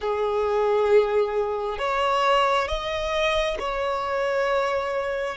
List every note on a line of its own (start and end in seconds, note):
0.00 1.78 G#4
1.78 2.67 C#5
2.67 3.57 D#5
3.59 5.37 C#5